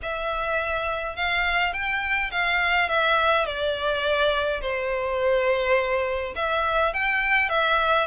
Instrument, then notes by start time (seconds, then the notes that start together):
violin
0.02 E5
1.16 F5
1.73 G5
2.31 F5
2.88 E5
3.45 D5
4.61 C5
6.35 E5
6.93 G5
7.49 E5